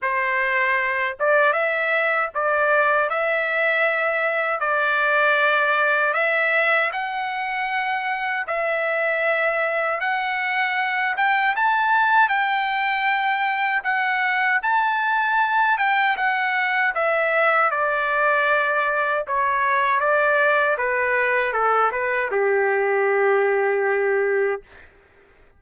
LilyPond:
\new Staff \with { instrumentName = "trumpet" } { \time 4/4 \tempo 4 = 78 c''4. d''8 e''4 d''4 | e''2 d''2 | e''4 fis''2 e''4~ | e''4 fis''4. g''8 a''4 |
g''2 fis''4 a''4~ | a''8 g''8 fis''4 e''4 d''4~ | d''4 cis''4 d''4 b'4 | a'8 b'8 g'2. | }